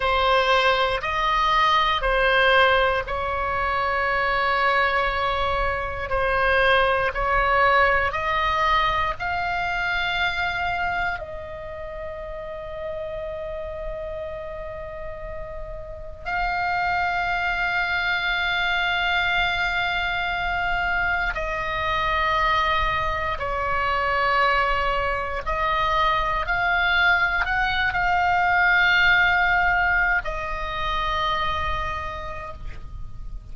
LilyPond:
\new Staff \with { instrumentName = "oboe" } { \time 4/4 \tempo 4 = 59 c''4 dis''4 c''4 cis''4~ | cis''2 c''4 cis''4 | dis''4 f''2 dis''4~ | dis''1 |
f''1~ | f''4 dis''2 cis''4~ | cis''4 dis''4 f''4 fis''8 f''8~ | f''4.~ f''16 dis''2~ dis''16 | }